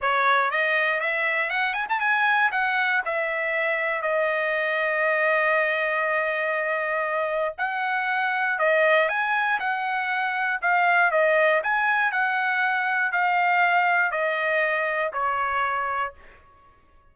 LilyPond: \new Staff \with { instrumentName = "trumpet" } { \time 4/4 \tempo 4 = 119 cis''4 dis''4 e''4 fis''8 gis''16 a''16 | gis''4 fis''4 e''2 | dis''1~ | dis''2. fis''4~ |
fis''4 dis''4 gis''4 fis''4~ | fis''4 f''4 dis''4 gis''4 | fis''2 f''2 | dis''2 cis''2 | }